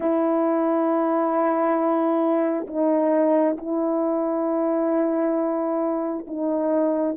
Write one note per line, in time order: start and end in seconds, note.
0.00 2.66 E4
2.67 3.56 D#4
3.57 6.26 E4
6.27 7.16 D#4